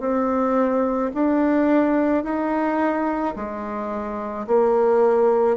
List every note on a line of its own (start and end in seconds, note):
0.00 1.11 C4
1.15 2.24 D4
2.24 3.35 D#4
3.36 4.47 G#3
4.47 5.58 A#3